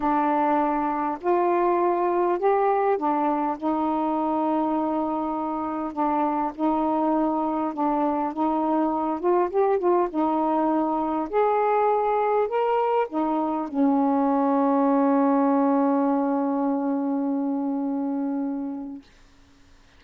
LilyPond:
\new Staff \with { instrumentName = "saxophone" } { \time 4/4 \tempo 4 = 101 d'2 f'2 | g'4 d'4 dis'2~ | dis'2 d'4 dis'4~ | dis'4 d'4 dis'4. f'8 |
g'8 f'8 dis'2 gis'4~ | gis'4 ais'4 dis'4 cis'4~ | cis'1~ | cis'1 | }